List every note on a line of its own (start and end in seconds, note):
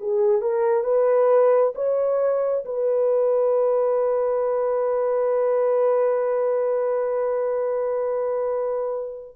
0.00 0.42 G#4
0.42 0.84 A#4
0.84 1.73 B4
1.75 2.65 C#5
2.65 9.36 B4